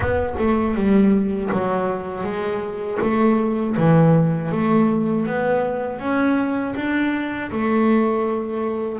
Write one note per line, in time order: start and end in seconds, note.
0.00 0.34 B3
0.38 0.74 A3
0.74 1.49 G3
1.52 2.23 F#3
2.23 2.98 G#3
3.01 3.76 A3
3.76 4.51 E3
4.51 5.26 A3
5.26 5.99 B3
5.99 6.74 C#4
6.75 7.50 D4
7.51 8.99 A3